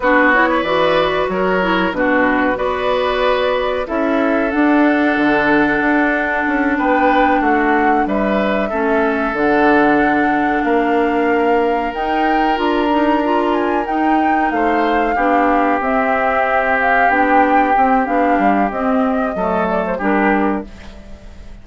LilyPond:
<<
  \new Staff \with { instrumentName = "flute" } { \time 4/4 \tempo 4 = 93 b'8 cis''8 d''4 cis''4 b'4 | d''2 e''4 fis''4~ | fis''2~ fis''8 g''4 fis''8~ | fis''8 e''2 fis''4.~ |
fis''8 f''2 g''4 ais''8~ | ais''4 gis''8 g''4 f''4.~ | f''8 e''4. f''8 g''4. | f''4 dis''4. d''16 c''16 ais'4 | }
  \new Staff \with { instrumentName = "oboe" } { \time 4/4 fis'8. b'4~ b'16 ais'4 fis'4 | b'2 a'2~ | a'2~ a'8 b'4 fis'8~ | fis'8 b'4 a'2~ a'8~ |
a'8 ais'2.~ ais'8~ | ais'2~ ais'8 c''4 g'8~ | g'1~ | g'2 a'4 g'4 | }
  \new Staff \with { instrumentName = "clarinet" } { \time 4/4 d'8 e'8 fis'4. e'8 d'4 | fis'2 e'4 d'4~ | d'1~ | d'4. cis'4 d'4.~ |
d'2~ d'8 dis'4 f'8 | dis'8 f'4 dis'2 d'8~ | d'8 c'2 d'4 c'8 | d'4 c'4 a4 d'4 | }
  \new Staff \with { instrumentName = "bassoon" } { \time 4/4 b4 e4 fis4 b,4 | b2 cis'4 d'4 | d4 d'4 cis'8 b4 a8~ | a8 g4 a4 d4.~ |
d8 ais2 dis'4 d'8~ | d'4. dis'4 a4 b8~ | b8 c'2 b4 c'8 | b8 g8 c'4 fis4 g4 | }
>>